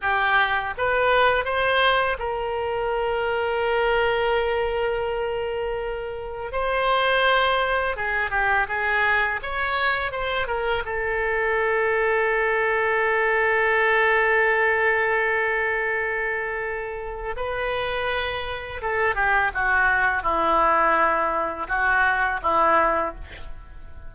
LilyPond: \new Staff \with { instrumentName = "oboe" } { \time 4/4 \tempo 4 = 83 g'4 b'4 c''4 ais'4~ | ais'1~ | ais'4 c''2 gis'8 g'8 | gis'4 cis''4 c''8 ais'8 a'4~ |
a'1~ | a'1 | b'2 a'8 g'8 fis'4 | e'2 fis'4 e'4 | }